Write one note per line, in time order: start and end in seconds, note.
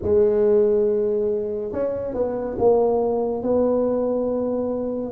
0.02 1.72 G#3
1.72 2.14 C#4
2.14 2.57 B3
2.59 3.42 A#3
3.42 5.11 B3